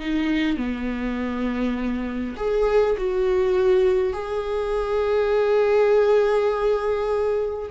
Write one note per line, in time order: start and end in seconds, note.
0.00 0.57 D#4
0.57 2.35 B3
2.37 2.96 G#4
2.98 4.13 F#4
4.13 7.70 G#4